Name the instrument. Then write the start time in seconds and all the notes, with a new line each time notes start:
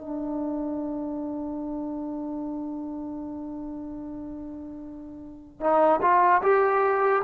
trombone
0.00 D4
5.60 D#4
6.01 F4
6.42 G4